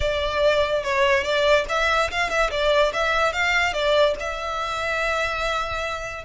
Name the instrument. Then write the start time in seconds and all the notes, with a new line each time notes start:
violin
0.00 D5
0.83 C#5
1.23 D5
1.68 E5
2.10 F5
2.29 E5
2.51 D5
2.93 E5
3.33 F5
3.73 D5
4.19 E5